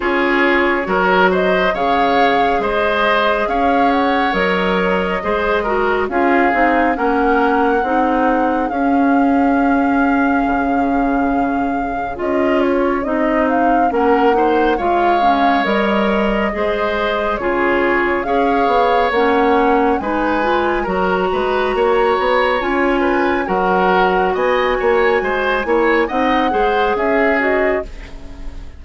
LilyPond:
<<
  \new Staff \with { instrumentName = "flute" } { \time 4/4 \tempo 4 = 69 cis''4. dis''8 f''4 dis''4 | f''8 fis''8 dis''2 f''4 | fis''2 f''2~ | f''2 dis''8 cis''8 dis''8 f''8 |
fis''4 f''4 dis''2 | cis''4 f''4 fis''4 gis''4 | ais''2 gis''4 fis''4 | gis''2 fis''4 e''8 dis''8 | }
  \new Staff \with { instrumentName = "oboe" } { \time 4/4 gis'4 ais'8 c''8 cis''4 c''4 | cis''2 c''8 ais'8 gis'4 | ais'4 gis'2.~ | gis'1 |
ais'8 c''8 cis''2 c''4 | gis'4 cis''2 b'4 | ais'8 b'8 cis''4. b'8 ais'4 | dis''8 cis''8 c''8 cis''8 dis''8 c''8 gis'4 | }
  \new Staff \with { instrumentName = "clarinet" } { \time 4/4 f'4 fis'4 gis'2~ | gis'4 ais'4 gis'8 fis'8 f'8 dis'8 | cis'4 dis'4 cis'2~ | cis'2 f'4 dis'4 |
cis'8 dis'8 f'8 cis'8 ais'4 gis'4 | f'4 gis'4 cis'4 dis'8 f'8 | fis'2 f'4 fis'4~ | fis'4. e'8 dis'8 gis'4 fis'8 | }
  \new Staff \with { instrumentName = "bassoon" } { \time 4/4 cis'4 fis4 cis4 gis4 | cis'4 fis4 gis4 cis'8 c'8 | ais4 c'4 cis'2 | cis2 cis'4 c'4 |
ais4 gis4 g4 gis4 | cis4 cis'8 b8 ais4 gis4 | fis8 gis8 ais8 b8 cis'4 fis4 | b8 ais8 gis8 ais8 c'8 gis8 cis'4 | }
>>